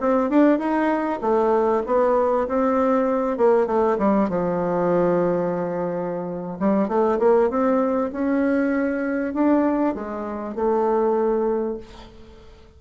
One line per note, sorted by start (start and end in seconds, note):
0.00 0.29 C4
0.29 0.58 D4
0.58 1.20 D#4
1.21 1.83 A3
1.86 2.48 B3
2.48 3.37 C4
3.37 3.67 A#3
3.67 3.97 A3
3.98 4.29 G3
4.29 6.58 F3
6.60 6.88 G3
6.88 7.19 A3
7.19 7.50 A#3
7.50 8.11 C4
8.12 9.34 C#4
9.34 9.95 D4
9.95 10.55 G#3
10.55 11.77 A3